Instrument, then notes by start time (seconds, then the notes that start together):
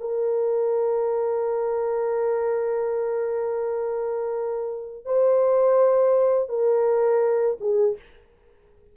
horn
0.00 A#4
5.05 C5
6.49 A#4
7.60 G#4